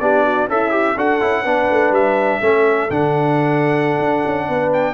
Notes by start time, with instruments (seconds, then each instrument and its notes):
0.00 tuba B3, trombone D4, horn G4, trumpet D5
0.25 horn F#4
0.48 tuba C#4, horn E4, trombone A4, trumpet E5
0.71 trombone G4
0.97 tuba D4, trombone F#4, horn A4, trumpet F#5
1.21 tuba C#4, trombone E4
1.43 tuba B3, trombone D4, horn B4
1.70 tuba A3
1.91 tuba G3, trumpet E5
2.41 tuba A3, trombone C#4, horn A4
2.90 tuba D3, trombone D4, trumpet F#5
3.99 tuba D4
4.26 tuba C#4
4.49 tuba B3, horn B4
4.73 trumpet G5